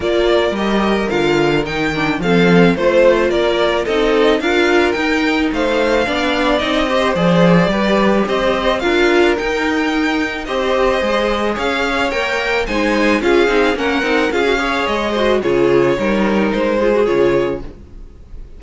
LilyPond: <<
  \new Staff \with { instrumentName = "violin" } { \time 4/4 \tempo 4 = 109 d''4 dis''4 f''4 g''4 | f''4 c''4 d''4 dis''4 | f''4 g''4 f''2 | dis''4 d''2 dis''4 |
f''4 g''2 dis''4~ | dis''4 f''4 g''4 gis''4 | f''4 fis''4 f''4 dis''4 | cis''2 c''4 cis''4 | }
  \new Staff \with { instrumentName = "violin" } { \time 4/4 ais'1 | a'4 c''4 ais'4 a'4 | ais'2 c''4 d''4~ | d''8 c''4. b'4 c''4 |
ais'2. c''4~ | c''4 cis''2 c''4 | gis'4 ais'4 gis'8 cis''4 c''8 | gis'4 ais'4. gis'4. | }
  \new Staff \with { instrumentName = "viola" } { \time 4/4 f'4 g'4 f'4 dis'8 d'8 | c'4 f'2 dis'4 | f'4 dis'2 d'4 | dis'8 g'8 gis'4 g'2 |
f'4 dis'2 g'4 | gis'2 ais'4 dis'4 | f'8 dis'8 cis'8 dis'8 f'16 fis'16 gis'4 fis'8 | f'4 dis'4. f'16 fis'16 f'4 | }
  \new Staff \with { instrumentName = "cello" } { \time 4/4 ais4 g4 d4 dis4 | f4 a4 ais4 c'4 | d'4 dis'4 a4 b4 | c'4 f4 g4 c'4 |
d'4 dis'2 c'4 | gis4 cis'4 ais4 gis4 | cis'8 c'8 ais8 c'8 cis'4 gis4 | cis4 g4 gis4 cis4 | }
>>